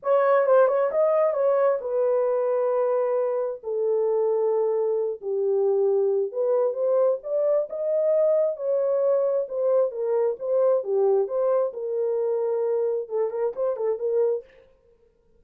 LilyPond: \new Staff \with { instrumentName = "horn" } { \time 4/4 \tempo 4 = 133 cis''4 c''8 cis''8 dis''4 cis''4 | b'1 | a'2.~ a'8 g'8~ | g'2 b'4 c''4 |
d''4 dis''2 cis''4~ | cis''4 c''4 ais'4 c''4 | g'4 c''4 ais'2~ | ais'4 a'8 ais'8 c''8 a'8 ais'4 | }